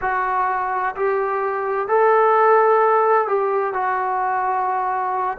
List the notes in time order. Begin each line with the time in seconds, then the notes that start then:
0.01 F#4
0.95 G4
1.87 A4
3.27 G4
3.73 F#4